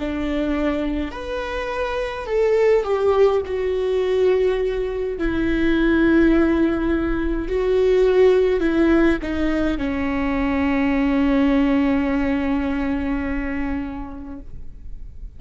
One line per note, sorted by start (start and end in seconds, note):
0.00 1.12 D4
1.12 2.27 B4
2.27 2.84 A4
2.84 3.42 G4
3.47 5.19 F#4
5.19 7.49 E4
7.49 8.61 F#4
8.61 9.18 E4
9.23 9.78 D#4
9.78 14.40 C#4